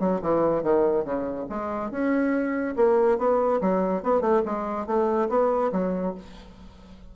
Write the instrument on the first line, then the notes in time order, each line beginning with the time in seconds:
bassoon
0.00 F#3
0.22 E3
0.63 D#3
1.05 C#3
1.50 G#3
1.91 C#4
2.77 A#3
3.19 B3
3.61 F#3
4.03 B3
4.21 A3
4.46 G#3
4.87 A3
5.30 B3
5.73 F#3